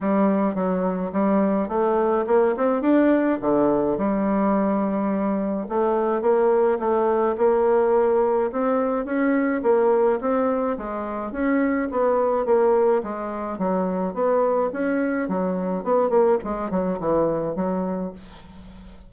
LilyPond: \new Staff \with { instrumentName = "bassoon" } { \time 4/4 \tempo 4 = 106 g4 fis4 g4 a4 | ais8 c'8 d'4 d4 g4~ | g2 a4 ais4 | a4 ais2 c'4 |
cis'4 ais4 c'4 gis4 | cis'4 b4 ais4 gis4 | fis4 b4 cis'4 fis4 | b8 ais8 gis8 fis8 e4 fis4 | }